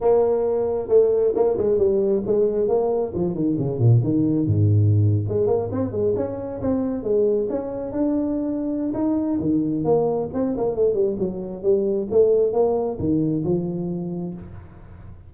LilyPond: \new Staff \with { instrumentName = "tuba" } { \time 4/4 \tempo 4 = 134 ais2 a4 ais8 gis8 | g4 gis4 ais4 f8 dis8 | cis8 ais,8 dis4 gis,4.~ gis,16 gis16~ | gis16 ais8 c'8 gis8 cis'4 c'4 gis16~ |
gis8. cis'4 d'2~ d'16 | dis'4 dis4 ais4 c'8 ais8 | a8 g8 fis4 g4 a4 | ais4 dis4 f2 | }